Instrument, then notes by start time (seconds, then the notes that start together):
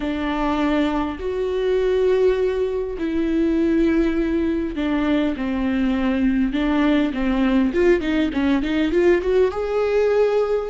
viola
0.00 D4
1.19 F#4
2.98 E4
4.75 D4
5.36 C4
6.53 D4
7.13 C4
7.73 F4
8.00 D#4
8.33 C#4
8.62 D#4
8.91 F4
9.21 F#4
9.51 G#4